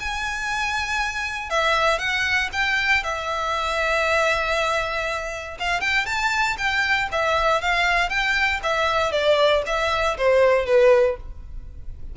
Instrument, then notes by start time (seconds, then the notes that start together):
violin
0.00 G#5
1.50 E5
1.99 F#5
2.53 G5
3.04 E5
5.60 F5
5.81 G5
6.06 A5
6.58 G5
7.12 E5
7.62 F5
8.10 G5
8.63 E5
9.12 D5
9.66 E5
10.18 C5
10.66 B4